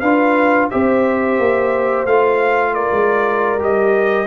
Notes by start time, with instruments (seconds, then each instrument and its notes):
0.00 tuba D4, trombone F4, horn B4, trumpet F5
0.70 tuba C4, trombone G4, horn C5, trumpet E5
1.39 tuba A#3
2.05 tuba A3, trombone F4, trumpet F5
2.74 horn A#4, trumpet D5
2.91 tuba G#3
3.59 tuba G3, trombone G4, trumpet D#5